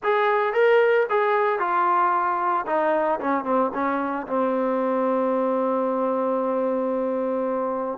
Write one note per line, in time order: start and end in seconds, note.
0.03 0.53 G#4
0.53 1.06 A#4
1.09 1.59 G#4
1.59 2.65 F4
2.66 3.19 D#4
3.20 3.44 C#4
3.44 3.71 C4
3.73 4.26 C#4
4.27 7.98 C4